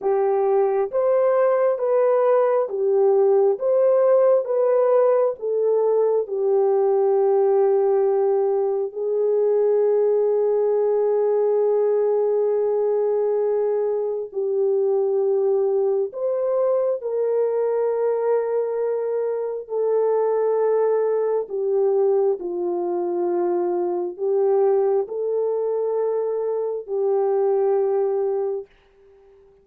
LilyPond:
\new Staff \with { instrumentName = "horn" } { \time 4/4 \tempo 4 = 67 g'4 c''4 b'4 g'4 | c''4 b'4 a'4 g'4~ | g'2 gis'2~ | gis'1 |
g'2 c''4 ais'4~ | ais'2 a'2 | g'4 f'2 g'4 | a'2 g'2 | }